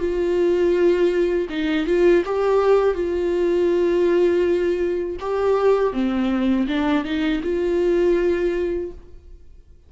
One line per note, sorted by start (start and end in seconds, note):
0.00 1.48 F4
1.50 1.87 D#4
1.87 2.24 F4
2.26 2.95 G4
2.95 5.17 F4
5.21 5.93 G4
5.93 6.67 C4
6.68 7.05 D4
7.05 7.42 D#4
7.44 8.92 F4